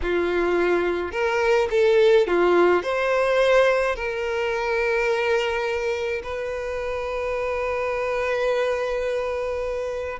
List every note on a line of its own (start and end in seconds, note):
0.02 1.11 F4
1.11 1.68 A#4
1.70 2.27 A4
2.27 2.82 F4
2.82 3.95 C5
3.95 6.22 A#4
6.23 10.19 B4